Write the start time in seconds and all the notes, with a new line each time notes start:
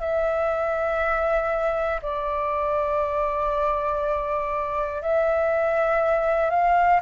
0.00 E5
2.02 D5
5.02 E5
6.50 F5